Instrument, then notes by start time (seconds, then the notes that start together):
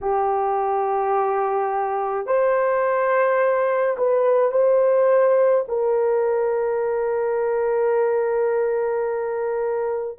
horn
0.01 G4
2.26 C5
3.97 B4
4.51 C5
5.68 A#4